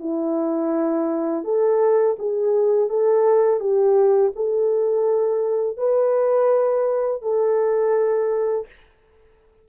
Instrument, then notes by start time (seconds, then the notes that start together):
horn
0.00 E4
1.45 A4
2.19 G#4
2.90 A4
3.60 G4
4.36 A4
5.78 B4
7.22 A4